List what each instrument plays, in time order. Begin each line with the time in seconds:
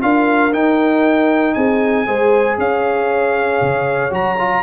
0.00 tuba D4, trombone F4, horn A#4, trumpet F5
0.53 trombone D#4, tuba D#4, trumpet G5
1.54 tuba C4, horn G#4, trumpet G#5
2.06 tuba G#3, trombone G#4, horn C5
2.57 tuba C#4, horn C#5, trumpet F5
3.61 tuba C#3
4.10 tuba F#3, trombone F#4, trumpet A#5
4.38 trombone F4